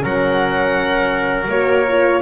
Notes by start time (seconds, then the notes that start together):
0.00 F#3 C#4 A#4 F#5
1.47 A#3 F#4 C#5
1.88 F4